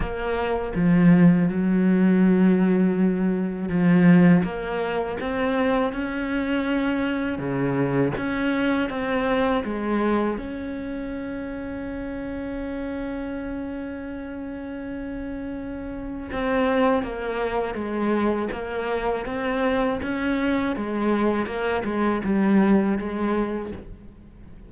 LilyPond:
\new Staff \with { instrumentName = "cello" } { \time 4/4 \tempo 4 = 81 ais4 f4 fis2~ | fis4 f4 ais4 c'4 | cis'2 cis4 cis'4 | c'4 gis4 cis'2~ |
cis'1~ | cis'2 c'4 ais4 | gis4 ais4 c'4 cis'4 | gis4 ais8 gis8 g4 gis4 | }